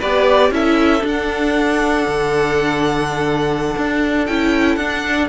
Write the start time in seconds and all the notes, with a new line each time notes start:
0.00 B3 G4 B4 D5
0.51 C#4 E4 A4 E5
1.01 D4
1.09 F#5
2.08 D3
3.78 D4
4.26 C#4 E4 G5
4.76 D4 F#5